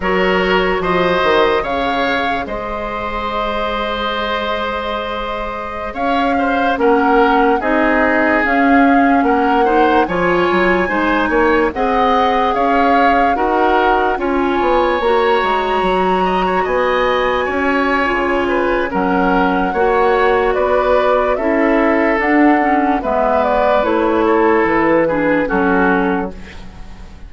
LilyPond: <<
  \new Staff \with { instrumentName = "flute" } { \time 4/4 \tempo 4 = 73 cis''4 dis''4 f''4 dis''4~ | dis''2.~ dis''16 f''8.~ | f''16 fis''4 dis''4 f''4 fis''8.~ | fis''16 gis''2 fis''4 f''8.~ |
f''16 fis''4 gis''4 ais''4.~ ais''16~ | ais''16 gis''2~ gis''8. fis''4~ | fis''4 d''4 e''4 fis''4 | e''8 d''8 cis''4 b'4 a'4 | }
  \new Staff \with { instrumentName = "oboe" } { \time 4/4 ais'4 c''4 cis''4 c''4~ | c''2.~ c''16 cis''8 c''16~ | c''16 ais'4 gis'2 ais'8 c''16~ | c''16 cis''4 c''8 cis''8 dis''4 cis''8.~ |
cis''16 ais'4 cis''2~ cis''8 dis''16 | cis''16 dis''4 cis''4~ cis''16 b'8 ais'4 | cis''4 b'4 a'2 | b'4. a'4 gis'8 fis'4 | }
  \new Staff \with { instrumentName = "clarinet" } { \time 4/4 fis'2 gis'2~ | gis'1~ | gis'16 cis'4 dis'4 cis'4. dis'16~ | dis'16 f'4 dis'4 gis'4.~ gis'16~ |
gis'16 fis'4 f'4 fis'4.~ fis'16~ | fis'2 f'4 cis'4 | fis'2 e'4 d'8 cis'8 | b4 e'4. d'8 cis'4 | }
  \new Staff \with { instrumentName = "bassoon" } { \time 4/4 fis4 f8 dis8 cis4 gis4~ | gis2.~ gis16 cis'8.~ | cis'16 ais4 c'4 cis'4 ais8.~ | ais16 f8 fis8 gis8 ais8 c'4 cis'8.~ |
cis'16 dis'4 cis'8 b8 ais8 gis8 fis8.~ | fis16 b4 cis'8. cis4 fis4 | ais4 b4 cis'4 d'4 | gis4 a4 e4 fis4 | }
>>